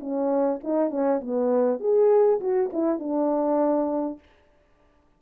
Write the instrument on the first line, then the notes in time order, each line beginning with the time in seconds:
horn
0.00 C#4
0.64 D#4
0.90 C#4
1.21 B3
1.80 G#4
2.40 F#4
2.72 E4
2.99 D4